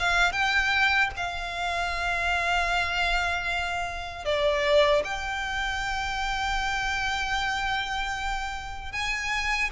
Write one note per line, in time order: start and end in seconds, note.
0.00 0.33 F5
0.33 1.11 G5
1.17 4.26 F5
4.26 5.04 D5
5.05 8.93 G5
8.93 9.70 G#5